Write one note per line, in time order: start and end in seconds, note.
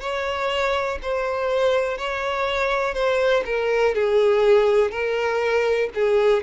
0.00 0.98 C#5
1.02 1.98 C5
1.98 2.94 C#5
2.94 3.43 C5
3.45 3.94 A#4
3.94 4.91 G#4
4.91 5.89 A#4
5.94 6.43 G#4